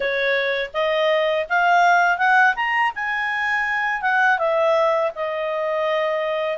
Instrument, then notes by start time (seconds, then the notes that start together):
clarinet
0.00 C#5
0.73 D#5
1.49 F5
2.18 F#5
2.55 A#5
2.95 G#5
4.01 F#5
4.38 E5
5.15 D#5